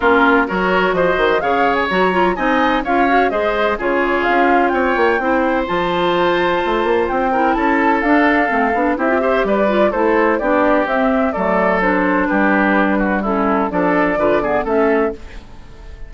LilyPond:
<<
  \new Staff \with { instrumentName = "flute" } { \time 4/4 \tempo 4 = 127 ais'4 cis''4 dis''4 f''8. gis''16 | ais''4 gis''4 f''4 dis''4 | cis''4 f''4 g''2 | a''2. g''4 |
a''4 f''2 e''4 | d''4 c''4 d''4 e''4 | d''4 c''4 b'2 | a'4 d''2 e''4 | }
  \new Staff \with { instrumentName = "oboe" } { \time 4/4 f'4 ais'4 c''4 cis''4~ | cis''4 dis''4 cis''4 c''4 | gis'2 cis''4 c''4~ | c''2.~ c''8 ais'8 |
a'2. g'8 c''8 | b'4 a'4 g'2 | a'2 g'4. fis'8 | e'4 a'4 b'8 gis'8 a'4 | }
  \new Staff \with { instrumentName = "clarinet" } { \time 4/4 cis'4 fis'2 gis'4 | fis'8 f'8 dis'4 f'8 fis'8 gis'4 | f'2. e'4 | f'2.~ f'8 e'8~ |
e'4 d'4 c'8 d'8 e'16 f'16 g'8~ | g'8 f'8 e'4 d'4 c'4 | a4 d'2. | cis'4 d'4 f'8 b8 cis'4 | }
  \new Staff \with { instrumentName = "bassoon" } { \time 4/4 ais4 fis4 f8 dis8 cis4 | fis4 c'4 cis'4 gis4 | cis4 cis'4 c'8 ais8 c'4 | f2 a8 ais8 c'4 |
cis'4 d'4 a8 b8 c'4 | g4 a4 b4 c'4 | fis2 g2~ | g4 f4 d4 a4 | }
>>